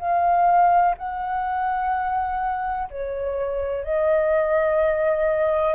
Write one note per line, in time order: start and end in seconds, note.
0.00 0.95 F5
0.98 2.89 F#5
2.91 3.84 C#5
3.84 5.75 D#5